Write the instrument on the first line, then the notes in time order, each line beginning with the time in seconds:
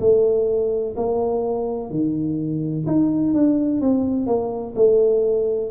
tuba
0.00 A3
0.96 A#3
1.90 D#3
2.87 D#4
3.34 D4
3.81 C4
4.27 A#3
4.76 A3